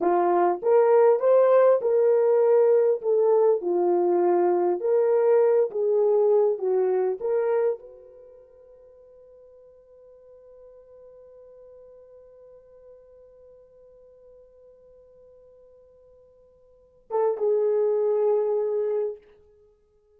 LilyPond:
\new Staff \with { instrumentName = "horn" } { \time 4/4 \tempo 4 = 100 f'4 ais'4 c''4 ais'4~ | ais'4 a'4 f'2 | ais'4. gis'4. fis'4 | ais'4 b'2.~ |
b'1~ | b'1~ | b'1~ | b'8 a'8 gis'2. | }